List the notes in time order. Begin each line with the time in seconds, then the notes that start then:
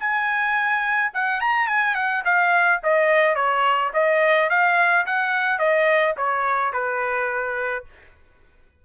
0.00 G#5
1.14 F#5
1.41 A#5
1.67 G#5
1.95 F#5
2.25 F5
2.83 D#5
3.36 C#5
3.94 D#5
4.50 F5
5.06 F#5
5.59 D#5
6.17 C#5
6.73 B4